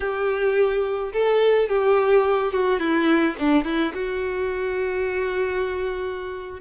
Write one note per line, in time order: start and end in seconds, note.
0.00 1.12 G4
1.12 1.68 A4
1.68 2.52 G4
2.52 2.79 F#4
2.79 3.35 E4
3.38 3.64 D4
3.64 3.92 E4
3.94 6.60 F#4